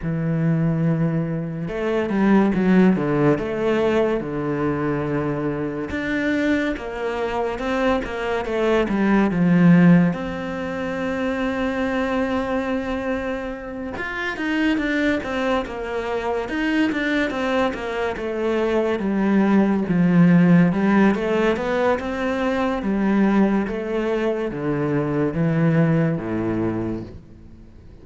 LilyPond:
\new Staff \with { instrumentName = "cello" } { \time 4/4 \tempo 4 = 71 e2 a8 g8 fis8 d8 | a4 d2 d'4 | ais4 c'8 ais8 a8 g8 f4 | c'1~ |
c'8 f'8 dis'8 d'8 c'8 ais4 dis'8 | d'8 c'8 ais8 a4 g4 f8~ | f8 g8 a8 b8 c'4 g4 | a4 d4 e4 a,4 | }